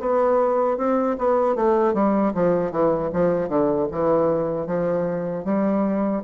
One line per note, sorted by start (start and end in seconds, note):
0.00 0.78 B3
0.78 1.17 C4
1.19 1.56 B3
1.56 1.94 A3
1.94 2.33 G3
2.34 2.72 F3
2.72 3.11 E3
3.13 3.49 F3
3.49 3.88 D3
3.92 4.67 E3
4.67 5.45 F3
5.45 6.23 G3